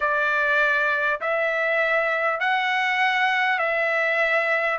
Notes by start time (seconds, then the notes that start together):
0.00 D5
1.20 E5
2.39 F#5
3.58 E5